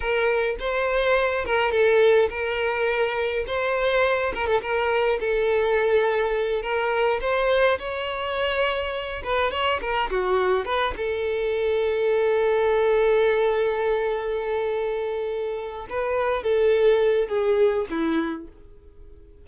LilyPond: \new Staff \with { instrumentName = "violin" } { \time 4/4 \tempo 4 = 104 ais'4 c''4. ais'8 a'4 | ais'2 c''4. ais'16 a'16 | ais'4 a'2~ a'8 ais'8~ | ais'8 c''4 cis''2~ cis''8 |
b'8 cis''8 ais'8 fis'4 b'8 a'4~ | a'1~ | a'2.~ a'8 b'8~ | b'8 a'4. gis'4 e'4 | }